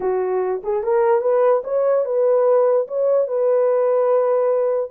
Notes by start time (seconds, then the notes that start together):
0.00 F#4
0.63 G#4
0.83 A#4
1.21 B4
1.64 C#5
2.05 B4
2.87 C#5
3.27 B4